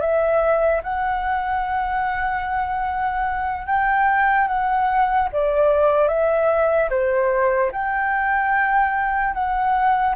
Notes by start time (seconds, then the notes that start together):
0.00 E5
0.83 F#5
3.66 G5
4.47 F#5
5.32 D5
6.08 E5
6.90 C5
7.72 G5
9.34 F#5